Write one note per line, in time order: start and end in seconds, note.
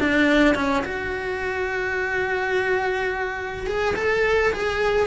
0.00 0.55 D4
0.55 0.83 C#4
0.84 3.66 F#4
3.66 3.95 G#4
3.96 4.52 A4
4.53 5.06 G#4